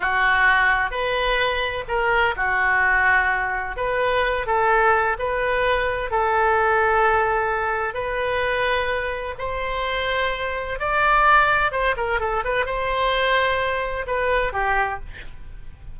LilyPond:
\new Staff \with { instrumentName = "oboe" } { \time 4/4 \tempo 4 = 128 fis'2 b'2 | ais'4 fis'2. | b'4. a'4. b'4~ | b'4 a'2.~ |
a'4 b'2. | c''2. d''4~ | d''4 c''8 ais'8 a'8 b'8 c''4~ | c''2 b'4 g'4 | }